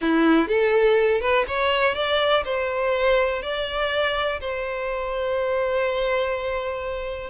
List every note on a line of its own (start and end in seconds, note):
0.01 0.48 E4
0.48 1.20 A4
1.20 1.45 B4
1.47 1.94 C#5
1.94 2.43 D5
2.45 3.42 C5
3.42 4.39 D5
4.40 7.30 C5